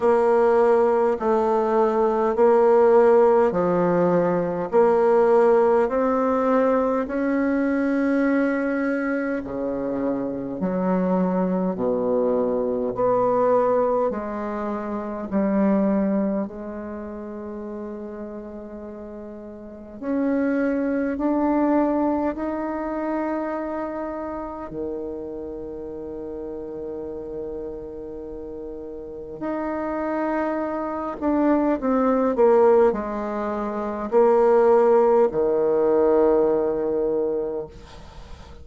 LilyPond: \new Staff \with { instrumentName = "bassoon" } { \time 4/4 \tempo 4 = 51 ais4 a4 ais4 f4 | ais4 c'4 cis'2 | cis4 fis4 b,4 b4 | gis4 g4 gis2~ |
gis4 cis'4 d'4 dis'4~ | dis'4 dis2.~ | dis4 dis'4. d'8 c'8 ais8 | gis4 ais4 dis2 | }